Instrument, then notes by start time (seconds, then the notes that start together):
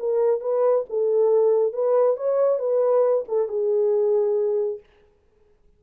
horn
0.00 A#4
0.41 B4
0.90 A4
1.74 B4
2.17 C#5
2.59 B4
3.29 A4
3.49 G#4